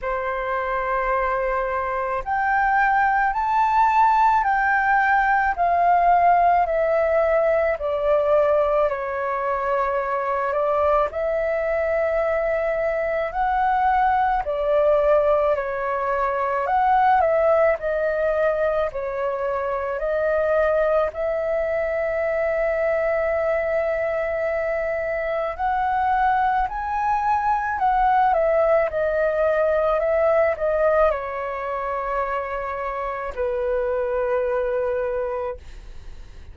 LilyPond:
\new Staff \with { instrumentName = "flute" } { \time 4/4 \tempo 4 = 54 c''2 g''4 a''4 | g''4 f''4 e''4 d''4 | cis''4. d''8 e''2 | fis''4 d''4 cis''4 fis''8 e''8 |
dis''4 cis''4 dis''4 e''4~ | e''2. fis''4 | gis''4 fis''8 e''8 dis''4 e''8 dis''8 | cis''2 b'2 | }